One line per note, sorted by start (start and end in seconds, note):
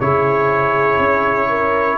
0.00 0.98 C#3
0.00 1.98 E4
0.00 1.49 G#4
0.00 1.98 C#5
0.98 1.98 C#4
1.49 1.98 A#4